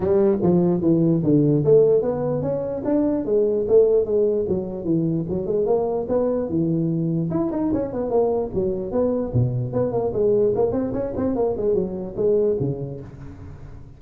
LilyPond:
\new Staff \with { instrumentName = "tuba" } { \time 4/4 \tempo 4 = 148 g4 f4 e4 d4 | a4 b4 cis'4 d'4 | gis4 a4 gis4 fis4 | e4 fis8 gis8 ais4 b4 |
e2 e'8 dis'8 cis'8 b8 | ais4 fis4 b4 b,4 | b8 ais8 gis4 ais8 c'8 cis'8 c'8 | ais8 gis8 fis4 gis4 cis4 | }